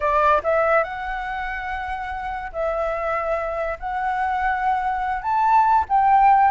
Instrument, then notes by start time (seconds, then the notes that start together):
flute
0.00 D5
0.43 E5
0.83 F#5
2.52 E5
3.79 F#5
5.21 A5
5.89 G5